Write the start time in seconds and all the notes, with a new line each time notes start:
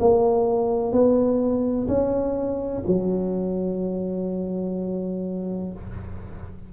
0.00 A#3
0.93 B3
1.88 C#4
2.87 F#3